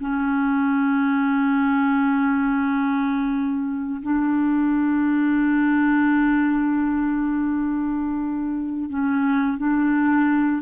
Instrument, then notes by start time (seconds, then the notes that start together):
clarinet
0.00 C#4
4.02 D4
8.89 C#4
9.58 D4